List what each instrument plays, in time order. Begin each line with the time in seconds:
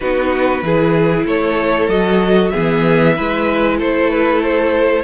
0.00 cello B3, viola D#4, violin F#4 B4
0.62 cello E3, viola E4, violin G#4
1.26 cello A3, violin A4 C#5
1.88 cello F#3, viola F#4, violin D#5
2.49 viola B3, violin G#4 E5
2.56 cello E3
3.16 cello G#3, viola E4, violin B4
3.77 cello A3, violin A4 C5
4.10 violin B4
4.42 violin C5